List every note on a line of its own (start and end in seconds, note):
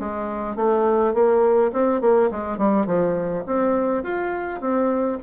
0.00 0.56 G#3
0.56 1.14 A3
1.14 1.72 A#3
1.73 2.01 C4
2.01 2.30 A#3
2.31 2.58 G#3
2.58 2.87 G3
2.87 3.44 F3
3.46 4.04 C4
4.04 4.61 F4
4.61 5.18 C4